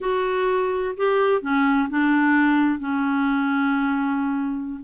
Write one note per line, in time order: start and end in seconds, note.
0.00 0.95 F#4
0.96 1.41 G4
1.41 1.88 C#4
1.89 2.79 D4
2.79 4.80 C#4